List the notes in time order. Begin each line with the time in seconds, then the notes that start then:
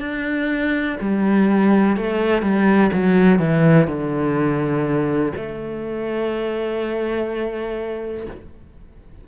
0.00 D4
1.01 G3
1.97 A3
2.42 G3
2.93 F#3
3.39 E3
3.88 D3
5.37 A3